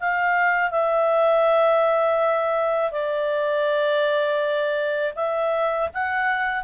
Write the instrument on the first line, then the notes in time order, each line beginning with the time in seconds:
clarinet
0.00 F5
0.71 E5
2.92 D5
5.15 E5
5.94 F#5